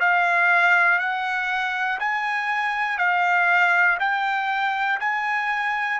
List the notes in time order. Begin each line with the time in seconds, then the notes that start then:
0.00 F5
0.99 F#5
2.00 G#5
2.98 F5
4.00 G5
5.00 G#5